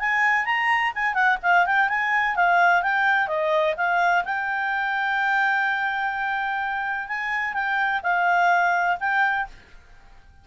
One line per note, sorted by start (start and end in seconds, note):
0.00 0.46 G#5
0.46 0.93 A#5
0.95 1.14 G#5
1.14 1.38 F#5
1.43 1.66 F5
1.66 1.89 G5
1.89 2.36 G#5
2.36 2.83 F5
2.83 3.28 G5
3.28 3.75 D#5
3.78 4.25 F5
4.25 7.09 G5
7.09 7.54 G#5
7.54 8.01 G5
8.03 8.98 F5
9.00 9.48 G5